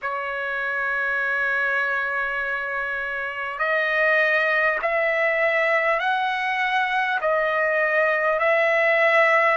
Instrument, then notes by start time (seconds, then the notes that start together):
trumpet
0.02 C#5
3.58 D#5
4.82 E5
5.99 F#5
7.21 D#5
8.39 E5